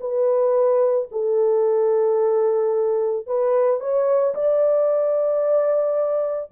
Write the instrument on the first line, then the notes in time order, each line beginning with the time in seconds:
horn
0.00 B4
1.11 A4
3.26 B4
3.80 C#5
4.34 D5